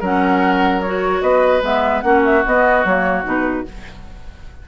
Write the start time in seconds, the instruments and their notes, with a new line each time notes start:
0.00 bassoon F#3, clarinet C#4, oboe A#4, flute F#5
0.82 clarinet F#4, flute C#5
1.22 bassoon B3, oboe B4, flute D#5
1.63 bassoon G#3, clarinet B3, flute E5
2.01 bassoon A#3, clarinet C#4, oboe F#4, flute F#5
2.25 flute E5
2.46 bassoon B3, clarinet B3, flute D#5
2.85 bassoon F#3, clarinet A#3, flute C#5
3.24 bassoon B2, clarinet D#4, flute B4